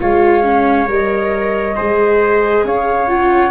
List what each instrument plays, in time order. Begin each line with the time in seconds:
0.00 tuba G#3, viola F4, trumpet C#5, flute F5
0.43 viola C#4
0.87 tuba G3, viola A#4, flute D#5
1.76 tuba G#3, viola G#4, trumpet C5
2.64 tuba C#4, trumpet C#5, flute F5
3.07 viola F4, flute F#5